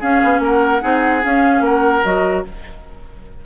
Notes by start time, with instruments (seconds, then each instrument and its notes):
0.00 clarinet C#4, bassoon C#4, oboe G#4, flute F5
0.24 bassoon B3
0.40 bassoon A#3, oboe A#4, flute F#5
0.81 bassoon C4, clarinet D#4, oboe G#4
1.24 clarinet C#4, bassoon C#4, flute F5
1.61 bassoon A#3, oboe A#4, flute F#5
2.04 bassoon F#3, clarinet F#4, flute D#5